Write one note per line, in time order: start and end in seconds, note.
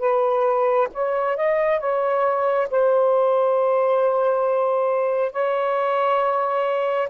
0.00 0.88 B4
0.94 1.37 C#5
1.37 1.80 D#5
1.80 2.68 C#5
2.71 5.33 C5
5.33 7.09 C#5